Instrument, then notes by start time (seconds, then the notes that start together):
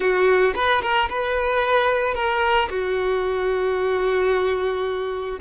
violin
0.00 F#4
0.55 B4
0.81 A#4
1.09 B4
2.14 A#4
2.69 F#4